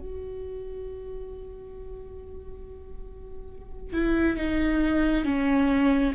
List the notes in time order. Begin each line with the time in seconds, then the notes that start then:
0.00 F#4
3.93 E4
4.37 D#4
5.25 C#4